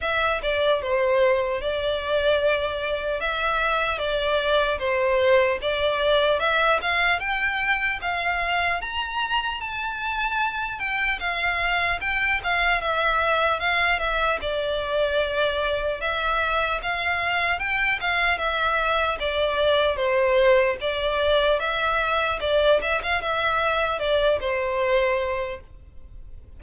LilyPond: \new Staff \with { instrumentName = "violin" } { \time 4/4 \tempo 4 = 75 e''8 d''8 c''4 d''2 | e''4 d''4 c''4 d''4 | e''8 f''8 g''4 f''4 ais''4 | a''4. g''8 f''4 g''8 f''8 |
e''4 f''8 e''8 d''2 | e''4 f''4 g''8 f''8 e''4 | d''4 c''4 d''4 e''4 | d''8 e''16 f''16 e''4 d''8 c''4. | }